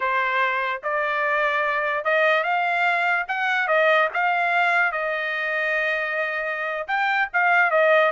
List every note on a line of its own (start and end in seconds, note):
0.00 0.81 C5
0.83 2.04 D5
2.04 2.43 D#5
2.43 3.25 F5
3.28 3.67 F#5
3.67 4.08 D#5
4.13 4.91 F5
4.91 6.87 D#5
6.87 7.28 G5
7.33 7.70 F5
7.70 8.11 D#5